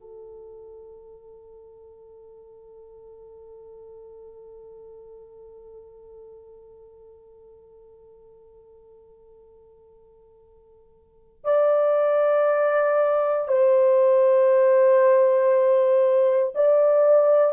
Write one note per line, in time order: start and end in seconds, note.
0.00 11.44 A4
11.44 13.47 D5
13.47 16.53 C5
16.54 17.53 D5